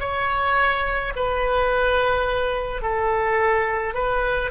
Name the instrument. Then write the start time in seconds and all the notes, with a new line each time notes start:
oboe
0.00 C#5
1.16 B4
2.82 A4
3.95 B4